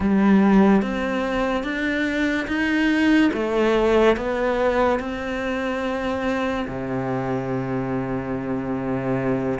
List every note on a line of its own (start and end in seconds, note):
0.00 0.81 G3
0.81 1.63 C4
1.63 2.46 D4
2.47 3.30 D#4
3.33 4.16 A3
4.16 4.99 B3
4.99 6.66 C4
6.67 9.59 C3